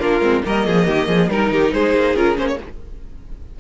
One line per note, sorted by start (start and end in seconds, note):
0.00 0.21 A#3
0.00 0.22 D4
0.00 0.44 F4
0.00 0.43 A#4
0.21 0.42 G#3
0.21 0.44 C4
0.45 0.67 G3
0.45 1.31 A#3
0.45 0.67 A#4
0.45 1.31 D#5
0.67 0.88 F3
0.67 0.87 G#4
0.87 1.08 D#3
0.87 1.09 G4
1.08 1.29 F3
1.08 1.30 G#4
1.29 1.50 G3
1.29 2.17 D#4
1.29 1.74 A#4
1.29 1.53 A#4
1.51 1.72 D#3
1.51 1.74 G4
1.73 1.94 G#3
1.73 2.60 G#4
1.73 2.16 C5
1.94 2.16 A#3
2.16 2.37 C#4
2.16 2.35 F4
2.16 2.38 A#4
2.35 2.59 A#3
2.35 2.57 C#4
2.35 2.48 C5
2.48 2.59 C#5